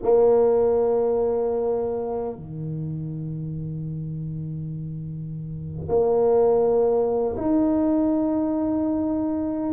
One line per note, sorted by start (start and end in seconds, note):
0.02 2.35 A#3
2.35 5.88 D#3
5.88 7.35 A#3
7.36 9.72 D#4